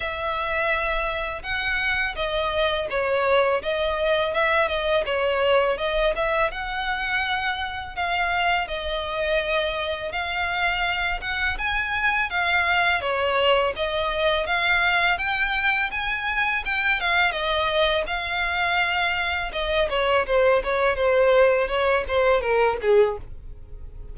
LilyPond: \new Staff \with { instrumentName = "violin" } { \time 4/4 \tempo 4 = 83 e''2 fis''4 dis''4 | cis''4 dis''4 e''8 dis''8 cis''4 | dis''8 e''8 fis''2 f''4 | dis''2 f''4. fis''8 |
gis''4 f''4 cis''4 dis''4 | f''4 g''4 gis''4 g''8 f''8 | dis''4 f''2 dis''8 cis''8 | c''8 cis''8 c''4 cis''8 c''8 ais'8 gis'8 | }